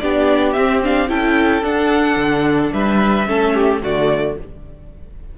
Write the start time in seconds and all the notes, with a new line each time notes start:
0.00 B3 D4 G4 D5
0.53 C4 E5
0.84 D4 F5
1.08 C#4 E4 A4 G5
1.62 D4 F#5
2.17 D3
2.73 G3 B4 E5
3.27 A3 C#4 A4
3.55 G4
3.83 D3 A3 F#4 D5